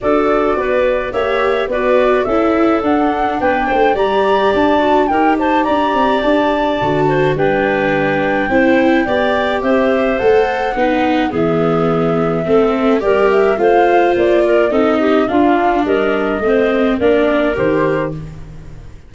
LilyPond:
<<
  \new Staff \with { instrumentName = "flute" } { \time 4/4 \tempo 4 = 106 d''2 e''4 d''4 | e''4 fis''4 g''4 ais''4 | a''4 g''8 a''8 ais''4 a''4~ | a''4 g''2.~ |
g''4 e''4 fis''2 | e''2. d''8 e''8 | f''4 d''4 dis''4 f''4 | dis''2 d''4 c''4 | }
  \new Staff \with { instrumentName = "clarinet" } { \time 4/4 a'4 b'4 cis''4 b'4 | a'2 b'8 c''8 d''4~ | d''4 ais'8 c''8 d''2~ | d''8 c''8 b'2 c''4 |
d''4 c''2 b'4 | gis'2 a'4 ais'4 | c''4. ais'8 a'8 g'8 f'4 | ais'4 c''4 ais'2 | }
  \new Staff \with { instrumentName = "viola" } { \time 4/4 fis'2 g'4 fis'4 | e'4 d'2 g'4~ | g'8 fis'8 g'2. | fis'4 d'2 e'4 |
g'2 a'4 dis'4 | b2 c'4 g'4 | f'2 dis'4 d'4~ | d'4 c'4 d'4 g'4 | }
  \new Staff \with { instrumentName = "tuba" } { \time 4/4 d'4 b4 ais4 b4 | cis'4 d'4 b8 a8 g4 | d'4 dis'4 d'8 c'8 d'4 | d4 g2 c'4 |
b4 c'4 a4 b4 | e2 a4 g4 | a4 ais4 c'4 d'4 | g4 a4 ais4 dis4 | }
>>